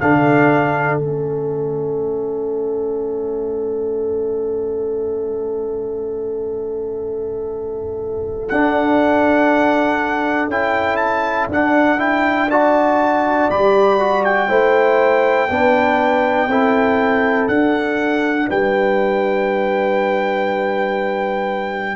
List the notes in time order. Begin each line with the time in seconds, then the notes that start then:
0.00 D3 D4 A4 F5
0.99 A3 C#4 E5
8.49 D4 F#5
10.48 C#4 E4 G5
10.97 A5
11.49 D4 F#5
11.98 E4 G5
12.50 F#4 D5 A5
13.50 G3 G4 B5
14.00 F#4
14.24 G5
14.49 A3 E4 C5
15.50 B3 D4 B4
16.48 C4 E4 A4
17.48 D4 F#5
18.48 G3 B4 G5